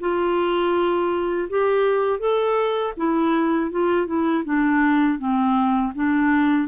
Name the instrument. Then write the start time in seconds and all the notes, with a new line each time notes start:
clarinet
0.00 F4
1.49 G4
2.19 A4
2.97 E4
3.71 F4
4.06 E4
4.44 D4
5.19 C4
5.95 D4